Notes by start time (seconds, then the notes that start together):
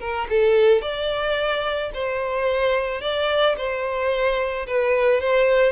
0.00 A#4
0.30 A4
0.82 D5
1.94 C5
3.01 D5
3.57 C5
4.67 B4
5.21 C5